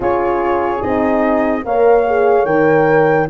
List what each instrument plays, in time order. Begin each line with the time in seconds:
0.00 tuba C#4, horn F4 G#4, flute C#5
0.81 tuba C4, horn D#4, flute D#5
1.64 tuba A#3, horn A#4 C#5, flute F5
2.06 horn G#4
2.45 tuba D#3, horn A#4, flute G5